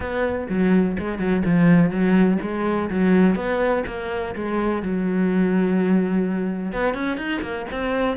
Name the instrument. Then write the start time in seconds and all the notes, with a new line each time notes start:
cello
0.00 B3
0.49 F#3
0.98 G#3
1.18 F#3
1.45 F3
1.90 F#3
2.41 G#3
2.90 F#3
3.35 B3
3.86 A#3
4.35 G#3
4.82 F#3
6.72 B3
6.93 C#4
7.17 D#4
7.41 A#3
7.71 C4